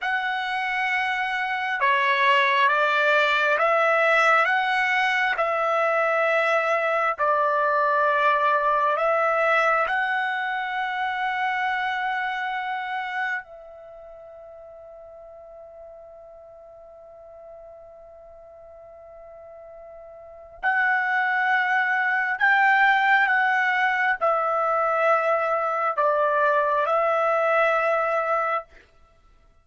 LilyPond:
\new Staff \with { instrumentName = "trumpet" } { \time 4/4 \tempo 4 = 67 fis''2 cis''4 d''4 | e''4 fis''4 e''2 | d''2 e''4 fis''4~ | fis''2. e''4~ |
e''1~ | e''2. fis''4~ | fis''4 g''4 fis''4 e''4~ | e''4 d''4 e''2 | }